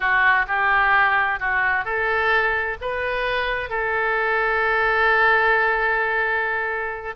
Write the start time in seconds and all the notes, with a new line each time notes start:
0.00 F#4
0.47 G4
1.39 F#4
1.84 A4
2.81 B4
3.69 A4